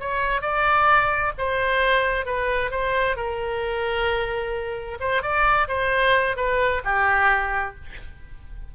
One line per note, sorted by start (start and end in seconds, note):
0.00 0.41 C#5
0.41 1.32 D5
1.38 2.26 C5
2.26 2.70 B4
2.70 3.16 C5
3.16 4.98 A#4
5.00 5.22 C5
5.22 5.68 D5
5.68 6.36 C5
6.36 6.82 B4
6.84 7.75 G4